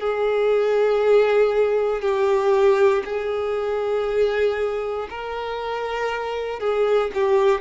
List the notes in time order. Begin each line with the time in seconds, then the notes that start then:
0.00 G#4
2.02 G4
3.06 G#4
5.10 A#4
6.61 G#4
7.15 G4